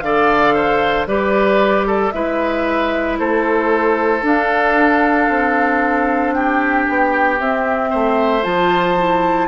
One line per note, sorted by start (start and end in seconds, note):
0.00 1.06 D3
0.00 1.07 A4
0.00 0.54 D5
0.00 1.05 F5
0.54 1.07 C5
1.06 2.11 G3
1.06 2.13 G4
1.06 1.86 B4
1.06 2.11 D5
1.86 2.13 A4
2.11 3.19 G#3
2.11 4.21 E4
2.11 3.19 B4
2.11 3.16 E5
3.19 4.22 A3
3.19 6.34 A4
3.19 4.24 C5
4.21 7.37 D4
4.21 5.28 D4
4.21 6.34 F5
5.29 6.86 C4
6.34 7.90 G4
6.34 7.39 G5
6.89 7.39 B3
7.39 8.43 C4
7.39 7.92 C4
7.39 8.43 E5
7.90 8.45 A3
7.90 9.48 C5
8.43 9.48 F3
8.43 8.95 F4
8.43 9.48 A5
8.97 9.48 E4